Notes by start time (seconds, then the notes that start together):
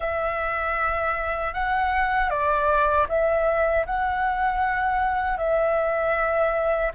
0.00 E5
1.53 F#5
2.29 D5
3.08 E5
3.86 F#5
5.37 E5